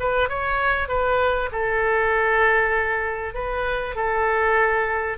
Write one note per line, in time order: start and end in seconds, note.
0.00 0.29 B4
0.29 0.89 C#5
0.89 1.50 B4
1.52 3.35 A4
3.35 3.96 B4
3.96 5.18 A4